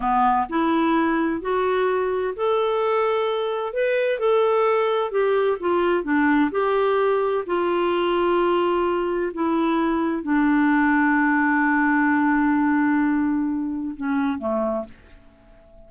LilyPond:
\new Staff \with { instrumentName = "clarinet" } { \time 4/4 \tempo 4 = 129 b4 e'2 fis'4~ | fis'4 a'2. | b'4 a'2 g'4 | f'4 d'4 g'2 |
f'1 | e'2 d'2~ | d'1~ | d'2 cis'4 a4 | }